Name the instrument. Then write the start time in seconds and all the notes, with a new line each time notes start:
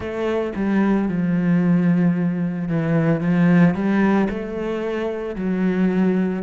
cello
0.00 A3
0.56 G3
1.08 F3
2.68 E3
3.20 F3
3.74 G3
4.29 A3
5.35 F#3